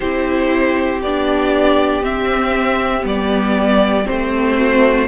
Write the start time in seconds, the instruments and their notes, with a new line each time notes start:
0.00 cello C4, viola E4, violin G4 C5
1.01 cello B3, viola D4, violin D5
2.02 viola C4, cello C4, violin E5
3.01 cello G3, viola B3, violin D5
4.05 cello A3, viola C4, violin C5
4.57 violin F#4